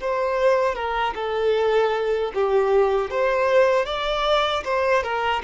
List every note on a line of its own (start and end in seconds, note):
0.00 0.75 C5
0.75 1.14 A#4
1.15 2.32 A4
2.34 3.10 G4
3.10 3.85 C5
3.85 4.63 D5
4.64 5.03 C5
5.03 5.42 A#4